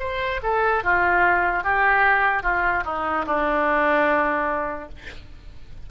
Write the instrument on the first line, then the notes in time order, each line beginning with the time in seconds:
oboe
0.00 C5
0.43 A4
0.84 F4
1.64 G4
2.43 F4
2.85 D#4
3.27 D4